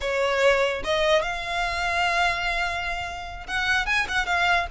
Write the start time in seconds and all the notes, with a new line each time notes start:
0.01 C#5
0.83 D#5
1.22 F5
3.47 F#5
3.86 G#5
4.08 F#5
4.25 F5